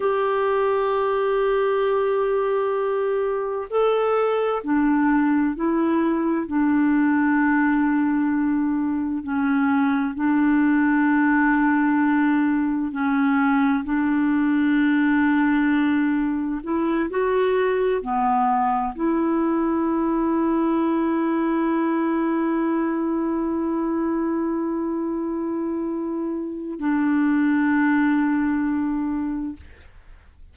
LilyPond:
\new Staff \with { instrumentName = "clarinet" } { \time 4/4 \tempo 4 = 65 g'1 | a'4 d'4 e'4 d'4~ | d'2 cis'4 d'4~ | d'2 cis'4 d'4~ |
d'2 e'8 fis'4 b8~ | b8 e'2.~ e'8~ | e'1~ | e'4 d'2. | }